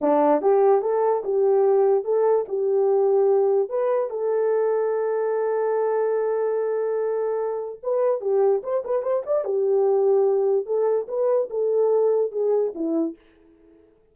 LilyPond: \new Staff \with { instrumentName = "horn" } { \time 4/4 \tempo 4 = 146 d'4 g'4 a'4 g'4~ | g'4 a'4 g'2~ | g'4 b'4 a'2~ | a'1~ |
a'2. b'4 | g'4 c''8 b'8 c''8 d''8 g'4~ | g'2 a'4 b'4 | a'2 gis'4 e'4 | }